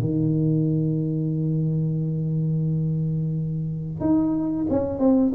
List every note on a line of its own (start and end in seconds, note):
0.00 4.00 D#3
4.00 4.66 D#4
4.69 4.98 C#4
4.98 5.32 C4